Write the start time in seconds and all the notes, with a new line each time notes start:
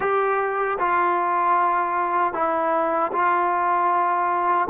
0.00 G4
0.79 F4
2.33 E4
3.12 F4